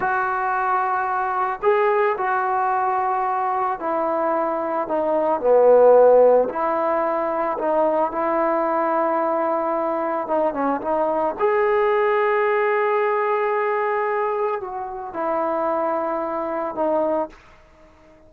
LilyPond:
\new Staff \with { instrumentName = "trombone" } { \time 4/4 \tempo 4 = 111 fis'2. gis'4 | fis'2. e'4~ | e'4 dis'4 b2 | e'2 dis'4 e'4~ |
e'2. dis'8 cis'8 | dis'4 gis'2.~ | gis'2. fis'4 | e'2. dis'4 | }